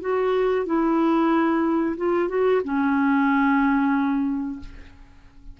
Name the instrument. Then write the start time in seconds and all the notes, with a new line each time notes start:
clarinet
0.00 F#4
0.66 E4
1.97 F4
2.28 F#4
2.64 C#4